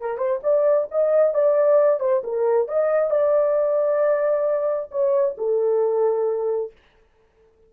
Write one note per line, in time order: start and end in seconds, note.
0.00 0.17 A#4
0.17 0.40 C5
0.43 0.88 D5
0.91 1.34 D#5
1.34 2.00 D5
2.00 2.22 C5
2.23 2.68 A#4
2.68 3.10 D#5
3.10 4.89 D5
4.91 5.36 C#5
5.38 6.72 A4